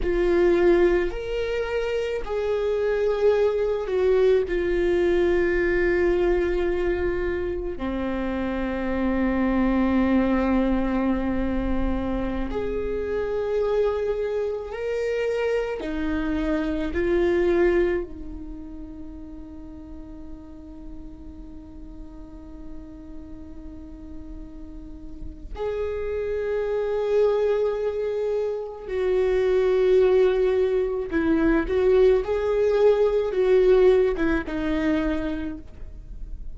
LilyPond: \new Staff \with { instrumentName = "viola" } { \time 4/4 \tempo 4 = 54 f'4 ais'4 gis'4. fis'8 | f'2. c'4~ | c'2.~ c'16 gis'8.~ | gis'4~ gis'16 ais'4 dis'4 f'8.~ |
f'16 dis'2.~ dis'8.~ | dis'2. gis'4~ | gis'2 fis'2 | e'8 fis'8 gis'4 fis'8. e'16 dis'4 | }